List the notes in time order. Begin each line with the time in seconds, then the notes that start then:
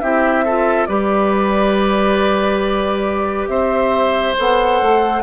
0.00 C4 E4 G4 E5
0.44 F4 A4
0.85 G3 G4 B4 D5
3.47 C4 C5 E5
4.37 B3 A4 F#5
4.81 A3